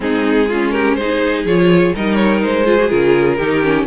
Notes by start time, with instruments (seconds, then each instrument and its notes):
0.00 cello G#3, viola C4, violin D#4 G#4
0.48 viola C#4, violin F4
0.71 violin G4 A#4
0.94 viola D#4, violin G#4 C5
1.44 cello F3, viola F4, violin C#5
1.94 cello G3, viola D#4, violin A#4 D#5
2.15 violin C#5
2.42 cello G#3, violin C5
2.66 viola F4, violin G#4
2.79 viola F#4
2.88 cello C#3, viola F4, violin A#4
3.37 cello D#3, viola D#4, violin G4
3.63 viola C#4